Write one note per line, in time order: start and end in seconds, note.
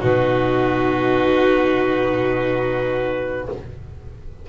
0.00 3.49 B2
0.00 3.46 D#4
0.00 3.46 F#4
0.00 3.49 B4